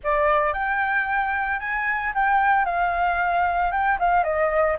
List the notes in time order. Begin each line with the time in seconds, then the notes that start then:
0.03 D5
0.53 G5
1.59 G#5
2.14 G5
2.65 F5
3.71 G5
3.99 F5
4.23 D#5